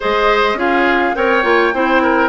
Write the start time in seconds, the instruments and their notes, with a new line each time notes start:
0.00 bassoon G#3, clarinet G#4, oboe C5, flute D#5
0.54 bassoon C#4, clarinet F4, oboe G#4, flute F5
1.15 bassoon C4, clarinet A#4, oboe C#5, flute G5
1.43 bassoon A#3, clarinet F4
1.73 bassoon C4, clarinet E4, oboe C5
2.02 oboe A#4